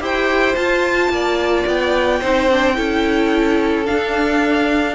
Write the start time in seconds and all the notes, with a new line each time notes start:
0.00 E4 G4 C5 G5
0.55 F4 A5
1.09 A#3 D5
1.66 B3 G5
2.20 C4 D#4 C5
2.51 D4
2.75 C#4 E4 A4
3.85 D4 F5